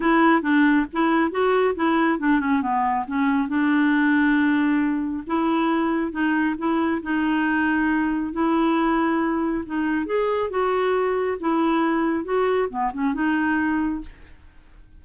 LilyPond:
\new Staff \with { instrumentName = "clarinet" } { \time 4/4 \tempo 4 = 137 e'4 d'4 e'4 fis'4 | e'4 d'8 cis'8 b4 cis'4 | d'1 | e'2 dis'4 e'4 |
dis'2. e'4~ | e'2 dis'4 gis'4 | fis'2 e'2 | fis'4 b8 cis'8 dis'2 | }